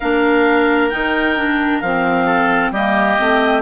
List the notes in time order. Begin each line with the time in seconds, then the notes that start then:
0.00 A#3 D4 A#4 F5
0.89 D#3 D#4 G5
1.37 D4
1.80 F3 C4 F5
2.26 A4
2.71 G3 A#3 G4 D#5
3.19 A3 C4